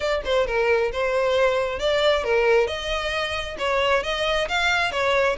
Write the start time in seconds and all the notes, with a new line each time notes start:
0.00 D5
0.24 C5
0.46 A#4
0.92 C5
1.79 D5
2.24 A#4
2.67 D#5
3.58 C#5
4.03 D#5
4.48 F5
4.91 C#5